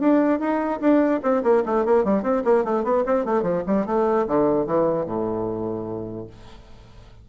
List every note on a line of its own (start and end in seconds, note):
0.00 0.40 D4
0.40 0.80 D#4
0.81 1.21 D4
1.23 1.43 C4
1.43 1.63 A#3
1.66 1.85 A3
1.85 2.04 A#3
2.04 2.23 G3
2.23 2.43 C4
2.44 2.64 A#3
2.64 2.84 A3
2.84 3.04 B3
3.06 3.25 C4
3.25 3.43 A3
3.43 3.63 F3
3.67 3.86 G3
3.86 4.26 A3
4.27 4.67 D3
4.67 5.06 E3
5.06 6.27 A2